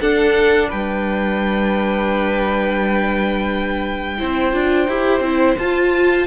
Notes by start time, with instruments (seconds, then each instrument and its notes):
0.00 viola D4, cello D4, violin A4 F#5
0.69 cello G3, violin B4 G5
4.18 cello C4, viola E4, violin C5
4.53 cello D4, viola F4
4.88 cello E4, viola G4
5.21 cello C4, viola E4
5.58 cello F4, viola F4, violin A5